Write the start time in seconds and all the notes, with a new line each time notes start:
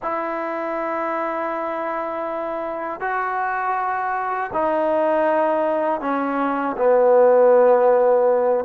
0.02 E4
3.00 F#4
4.53 D#4
6.00 C#4
6.77 B3